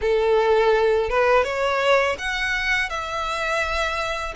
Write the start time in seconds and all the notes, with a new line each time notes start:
0.01 A4
1.09 B4
1.44 C#5
2.18 F#5
2.89 E5